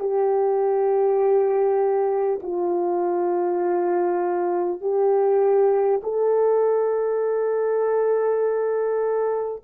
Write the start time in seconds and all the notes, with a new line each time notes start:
0.00 G4
2.42 F4
4.81 G4
6.03 A4